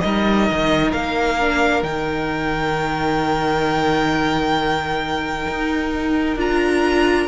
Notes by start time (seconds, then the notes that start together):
0.00 G3 D#4 A#4 D#5
0.50 D#3
0.91 A#3 F5
1.39 D4
1.82 D#3 D#4 G5
5.47 D#4
6.36 D4 F4 A#5